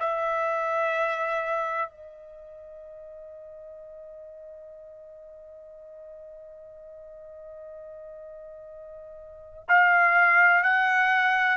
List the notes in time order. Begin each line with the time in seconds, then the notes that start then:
0.00 E5
1.90 D#5
9.69 F5
10.64 F#5